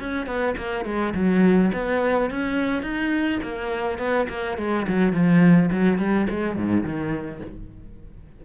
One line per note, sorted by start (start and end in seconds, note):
0.00 0.26 C#4
0.26 0.55 B3
0.57 0.85 A#3
0.85 1.14 G#3
1.15 1.72 F#3
1.73 2.30 B3
2.31 2.83 C#4
2.83 3.40 D#4
3.43 3.99 A#3
3.99 4.27 B3
4.29 4.58 A#3
4.58 4.86 G#3
4.88 5.13 F#3
5.13 5.70 F3
5.71 5.98 F#3
5.98 6.27 G3
6.30 6.56 G#3
6.56 6.84 G#2
6.84 7.41 D#3